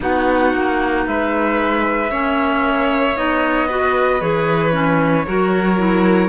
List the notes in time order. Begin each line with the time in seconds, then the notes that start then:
0.00 B3 D#4 F#4 F#5
0.53 A#3
1.06 G#3 B4 E5
2.10 A#3 C#4 C#5
3.15 B3 D#4 D#5
3.67 F#4 B4
4.20 E3 G#4 C#5
4.71 C#4
5.26 F#3 F#4 A#4
5.77 E4